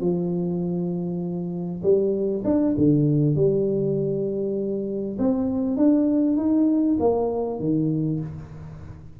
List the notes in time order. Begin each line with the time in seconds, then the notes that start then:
0.00 F3
1.82 G3
2.44 D4
2.77 D3
3.36 G3
5.18 C4
5.77 D4
6.37 D#4
6.99 A#3
7.59 D#3